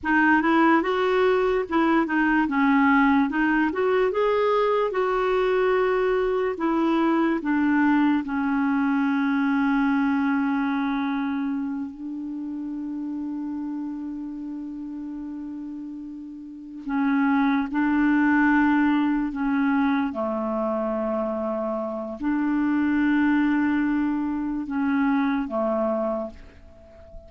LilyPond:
\new Staff \with { instrumentName = "clarinet" } { \time 4/4 \tempo 4 = 73 dis'8 e'8 fis'4 e'8 dis'8 cis'4 | dis'8 fis'8 gis'4 fis'2 | e'4 d'4 cis'2~ | cis'2~ cis'8 d'4.~ |
d'1~ | d'8 cis'4 d'2 cis'8~ | cis'8 a2~ a8 d'4~ | d'2 cis'4 a4 | }